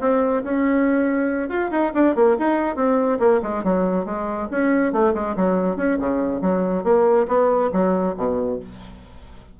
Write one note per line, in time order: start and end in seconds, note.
0.00 0.43 C4
0.43 1.49 C#4
1.49 1.70 F4
1.71 1.92 D#4
1.94 2.15 D4
2.15 2.36 A#3
2.39 2.75 D#4
2.75 3.18 C4
3.19 3.41 A#3
3.42 3.64 G#3
3.64 4.05 F#3
4.05 4.48 G#3
4.51 4.92 C#4
4.92 5.14 A3
5.14 5.35 G#3
5.36 5.76 F#3
5.76 5.98 C#4
5.99 6.41 C#3
6.41 6.83 F#3
6.83 7.26 A#3
7.28 7.70 B3
7.72 8.15 F#3
8.17 8.59 B2